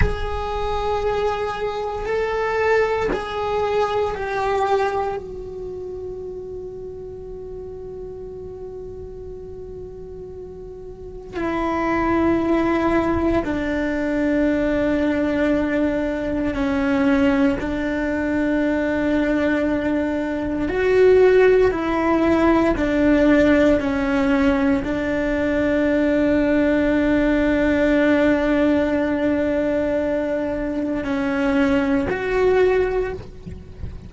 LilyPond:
\new Staff \with { instrumentName = "cello" } { \time 4/4 \tempo 4 = 58 gis'2 a'4 gis'4 | g'4 fis'2.~ | fis'2. e'4~ | e'4 d'2. |
cis'4 d'2. | fis'4 e'4 d'4 cis'4 | d'1~ | d'2 cis'4 fis'4 | }